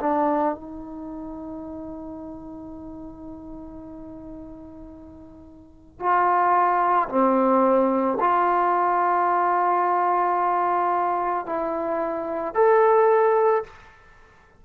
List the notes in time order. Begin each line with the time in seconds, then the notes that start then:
0.00 D4
0.55 D#4
6.00 F4
7.09 C4
8.20 F4
11.45 E4
12.54 A4